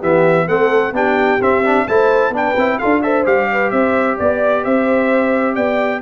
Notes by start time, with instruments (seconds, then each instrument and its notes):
0.00 tuba E3, trombone B3, horn G4, trumpet E5
0.47 tuba A3, trombone C4, horn A4, trumpet F#5
0.92 tuba B3, trombone D4, horn G4, trumpet G5
1.41 trombone C4, tuba C4, trumpet E5
1.65 trombone D4
1.87 tuba A3, trombone E4, horn C5, trumpet A5
2.30 tuba B3, trombone D4, horn B4
2.36 trumpet G5
2.56 tuba C4, trombone E4
2.78 tuba D4, trombone F4, horn A4, trumpet F5
3.02 trombone A4, horn C5, trumpet E5
3.25 tuba G3, trombone G4, trumpet F5
3.52 horn B4
3.70 tuba C4, horn C5, trumpet E5
4.17 tuba B3, horn D5, trumpet D5
4.63 tuba C4, horn C5, trumpet E5
5.55 tuba B3, horn D5, trumpet G5